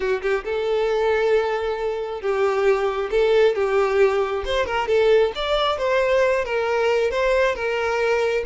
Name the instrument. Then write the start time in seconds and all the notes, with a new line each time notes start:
violin
0.00 F#4
0.21 G4
0.44 A4
2.21 G4
3.11 A4
3.55 G4
4.45 C5
4.65 A#4
4.87 A4
5.35 D5
5.78 C5
6.44 A#4
7.11 C5
7.55 A#4